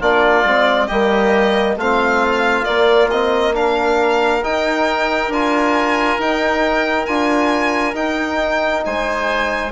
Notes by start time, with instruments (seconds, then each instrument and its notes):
0.00 bassoon A#3, trombone D4, oboe F4, violin D5
0.45 bassoon G#3, trombone C4
0.87 bassoon G3, trombone A#3, oboe G4, violin D#5
1.76 bassoon A3, trombone C4, oboe F4, violin F5
2.64 trombone A#3, bassoon A#3, violin D5
3.11 trombone C4, violin D#5
3.53 trombone D4, oboe A#4, violin F5
4.43 trombone D#4, bassoon D#4, violin G5
5.28 bassoon D4, trombone F4, violin G#5
6.19 bassoon D#4, trombone D#4, violin G5
7.06 bassoon D4, trombone F4, violin G#5
7.94 bassoon D#4, trombone D#4, violin G5
8.85 bassoon G#3, oboe C5, violin G#5